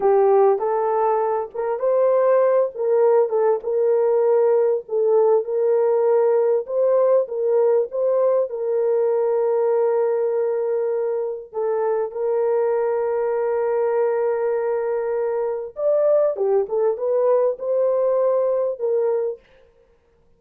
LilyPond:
\new Staff \with { instrumentName = "horn" } { \time 4/4 \tempo 4 = 99 g'4 a'4. ais'8 c''4~ | c''8 ais'4 a'8 ais'2 | a'4 ais'2 c''4 | ais'4 c''4 ais'2~ |
ais'2. a'4 | ais'1~ | ais'2 d''4 g'8 a'8 | b'4 c''2 ais'4 | }